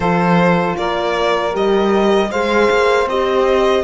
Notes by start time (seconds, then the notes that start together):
0.00 F3 F4 A4 C5
0.77 A#3 A#4 D5
1.52 G3 G4 D#5
2.30 G#3 G#4 C5 F5
2.70 A#3
3.06 C4 G4 D#5